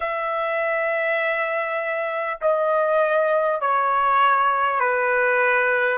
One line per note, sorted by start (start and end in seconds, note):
0.00 2.39 E5
2.41 3.60 D#5
3.60 4.80 C#5
4.80 5.97 B4